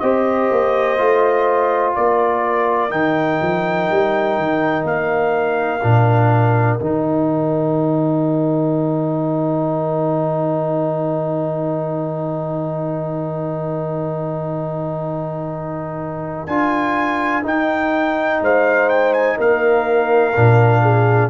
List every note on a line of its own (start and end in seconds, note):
0.00 0.51 C4
0.00 0.98 G4
0.00 1.96 C5
0.00 1.94 D#5
0.52 1.00 A#3
0.98 1.97 A3
0.98 2.90 F4
1.95 2.92 A#3
1.95 18.42 A#4
1.95 2.92 D5
2.90 3.40 D#3
2.90 5.81 D#4
2.90 4.85 G5
3.42 3.91 F3
3.91 4.37 G3
4.37 4.84 D#3
4.84 5.81 A#3
4.84 6.79 F5
5.83 6.80 A#2
5.83 6.80 D4
6.79 16.47 D#3
6.79 16.48 D#4
6.79 16.47 G5
16.47 17.44 D4
16.47 17.43 F4
16.47 17.44 G#5
17.43 20.33 D#4
17.43 18.41 D#4
17.43 18.44 G5
18.41 19.38 G#3
18.41 19.38 C5
18.41 18.90 F5
18.90 19.14 G5
19.14 19.38 G#5
19.38 20.36 A#3
19.38 20.83 A#4
19.38 21.30 F5
20.36 21.30 A#2
20.36 21.30 D4
20.83 21.30 G#4